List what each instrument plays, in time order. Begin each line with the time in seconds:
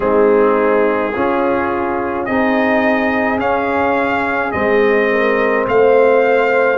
0.00 tuba G#3, trombone C4, horn D#4, trumpet G#4
1.13 tuba C#4, trombone C#4, horn F4
2.25 tuba C4, trombone D#4, horn G#4, trumpet D#5
3.38 tuba C#4, trombone C#4, trumpet F5
4.51 tuba G#3, trombone C4, trumpet D#5
5.11 horn A#4
5.67 tuba A3, horn C5, trumpet F5